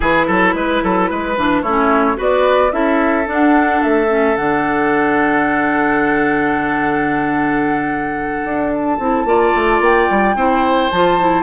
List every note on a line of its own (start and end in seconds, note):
0.00 0.28 E3
0.00 1.35 E4
0.00 0.26 G#4
0.00 1.62 B4
0.26 0.54 F#3
0.26 0.54 A4
0.54 0.81 G#3
0.54 0.83 B4
0.83 1.10 F#3
0.83 1.09 A4
1.09 1.37 G#3
1.09 1.62 B4
1.37 1.62 E3
1.37 1.64 D4
1.62 2.17 A3
1.62 2.15 C#4
1.62 2.17 E4
1.62 2.16 C#5
2.15 2.72 B3
2.15 2.70 F#4
2.15 2.72 B4
2.21 2.72 D5
2.70 3.26 C#4
2.70 3.25 E4
2.70 9.28 A4
2.70 3.26 E5
3.26 4.07 D4
3.26 3.81 D4
3.32 3.82 F#5
3.82 4.36 A3
3.82 4.36 E5
4.08 4.35 C#4
4.36 8.44 D3
4.36 9.00 D4
4.36 8.72 F#5
8.44 8.98 D4
8.73 9.82 A5
8.99 9.24 C4
8.99 9.26 E4
9.24 9.52 A#3
9.24 10.35 F4
9.24 10.35 D5
9.55 9.80 A3
9.80 10.07 A#3
9.80 10.90 G5
10.10 10.35 G3
10.35 10.89 C4
10.35 10.91 E4
10.35 11.43 C5
10.90 11.43 F3
10.90 11.20 F4
10.90 11.43 A5
11.20 11.43 E4